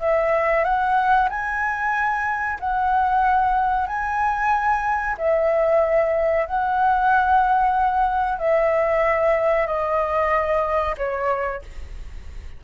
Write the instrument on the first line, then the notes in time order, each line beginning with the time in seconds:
flute
0.00 E5
0.64 F#5
1.29 G#5
2.60 F#5
3.87 G#5
5.18 E5
6.46 F#5
8.38 E5
9.67 D#5
10.97 C#5